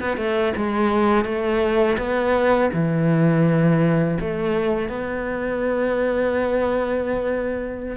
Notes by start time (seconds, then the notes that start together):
0.00 B3
0.17 A3
0.56 G#3
1.25 A3
1.97 B3
2.73 E3
4.20 A3
4.89 B3